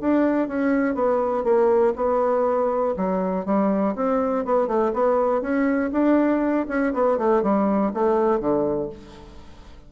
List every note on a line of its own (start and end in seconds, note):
0.00 0.48 D4
0.48 0.94 C#4
0.94 1.44 B3
1.44 1.93 A#3
1.96 2.95 B3
2.96 3.45 F#3
3.45 3.95 G3
3.95 4.45 C4
4.45 4.67 B3
4.67 4.92 A3
4.93 5.41 B3
5.41 5.91 C#4
5.92 6.66 D4
6.68 6.93 C#4
6.93 7.17 B3
7.17 7.42 A3
7.42 7.92 G3
7.94 8.39 A3
8.39 8.89 D3